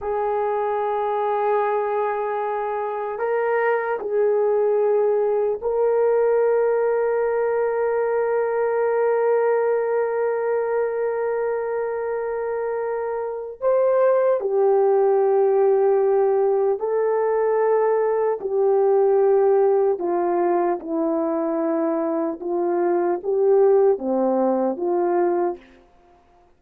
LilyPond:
\new Staff \with { instrumentName = "horn" } { \time 4/4 \tempo 4 = 75 gis'1 | ais'4 gis'2 ais'4~ | ais'1~ | ais'1~ |
ais'4 c''4 g'2~ | g'4 a'2 g'4~ | g'4 f'4 e'2 | f'4 g'4 c'4 f'4 | }